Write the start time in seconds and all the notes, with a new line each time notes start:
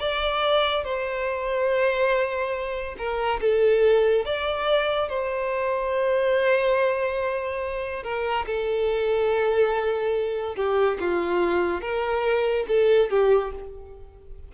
0.00 D5
0.85 C5
2.98 A#4
3.41 A4
4.26 D5
5.09 C5
8.04 A#4
8.47 A4
10.56 G4
11.00 F4
11.82 A#4
12.68 A4
13.10 G4